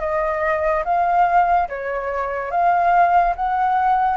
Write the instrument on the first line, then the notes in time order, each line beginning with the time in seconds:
flute
0.00 D#5
0.85 F5
1.69 C#5
2.51 F5
3.36 F#5